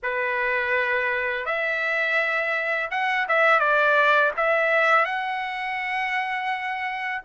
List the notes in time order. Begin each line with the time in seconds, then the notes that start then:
0.03 B4
1.45 E5
2.90 F#5
3.28 E5
3.59 D5
4.36 E5
5.05 F#5